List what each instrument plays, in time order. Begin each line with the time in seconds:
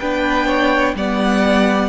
0.00 cello B3, viola D4, violin B4 G5
0.47 violin C#5
0.95 cello G3, viola B3, violin D5 F#5